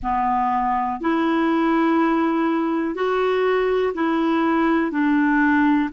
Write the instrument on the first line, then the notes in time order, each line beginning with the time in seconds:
clarinet
0.02 B3
1.00 E4
2.95 F#4
3.94 E4
4.91 D4